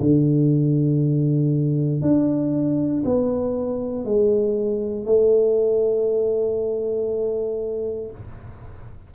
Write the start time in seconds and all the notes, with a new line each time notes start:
0.00 D3
2.02 D4
3.05 B3
4.05 G#3
5.06 A3